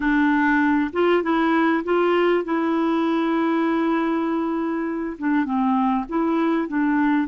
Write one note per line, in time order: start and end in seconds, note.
0.00 0.91 D4
0.93 1.23 F4
1.23 1.83 E4
1.83 2.44 F4
2.44 5.17 E4
5.18 5.44 D4
5.44 6.05 C4
6.09 6.68 E4
6.68 7.27 D4